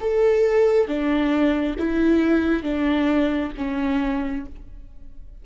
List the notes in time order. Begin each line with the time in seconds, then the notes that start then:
0.00 A4
0.87 D4
1.78 E4
2.63 D4
3.57 C#4